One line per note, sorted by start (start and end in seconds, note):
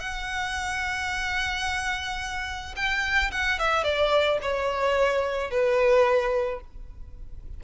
0.00 2.75 F#5
2.76 3.31 G5
3.32 3.59 F#5
3.59 3.84 E5
3.84 4.39 D5
4.42 5.51 C#5
5.51 6.61 B4